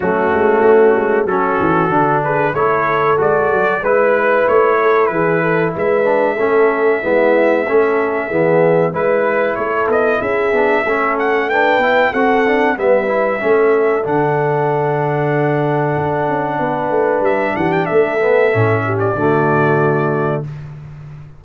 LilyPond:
<<
  \new Staff \with { instrumentName = "trumpet" } { \time 4/4 \tempo 4 = 94 fis'2 a'4. b'8 | cis''4 d''4 b'4 cis''4 | b'4 e''2.~ | e''2 b'4 cis''8 dis''8 |
e''4. fis''8 g''4 fis''4 | e''2 fis''2~ | fis''2. e''8 fis''16 g''16 | e''4.~ e''16 d''2~ d''16 | }
  \new Staff \with { instrumentName = "horn" } { \time 4/4 cis'2 fis'4. gis'8 | a'2 b'4. a'8 | gis'8 a'8 b'4 a'4 e'4 | a'4 gis'4 b'4 a'4 |
gis'4 a'4 b'4 a'4 | b'4 a'2.~ | a'2 b'4. g'8 | a'4. g'8 fis'2 | }
  \new Staff \with { instrumentName = "trombone" } { \time 4/4 a2 cis'4 d'4 | e'4 fis'4 e'2~ | e'4. d'8 cis'4 b4 | cis'4 b4 e'2~ |
e'8 d'8 cis'4 d'8 e'8 fis'8 d'8 | b8 e'8 cis'4 d'2~ | d'1~ | d'8 b8 cis'4 a2 | }
  \new Staff \with { instrumentName = "tuba" } { \time 4/4 fis8 gis8 a8 gis8 fis8 e8 d4 | a4 gis8 fis8 gis4 a4 | e4 gis4 a4 gis4 | a4 e4 gis4 a8 b8 |
cis'8 b8 a4. b8 c'4 | g4 a4 d2~ | d4 d'8 cis'8 b8 a8 g8 e8 | a4 a,4 d2 | }
>>